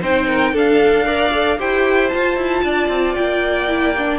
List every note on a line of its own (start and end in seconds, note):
0.00 0.53 C4
0.00 0.55 D#4
0.00 0.26 C5
0.00 0.56 G5
0.27 0.53 A#4
0.53 1.58 D4
0.53 1.05 D4
0.53 1.05 A4
0.53 1.60 F5
1.05 1.31 A#4
1.05 1.58 D5
1.32 1.58 A4
1.58 2.12 E4
1.58 2.11 G4
1.58 2.64 C5
1.58 2.09 G5
2.09 3.69 F4
2.09 2.36 F4
2.09 3.14 A5
2.36 2.63 E4
2.63 2.89 D4
2.63 4.19 D5
2.89 3.15 C4
3.15 4.19 A#3
3.15 4.19 G5
3.69 3.95 E4
3.98 4.19 D4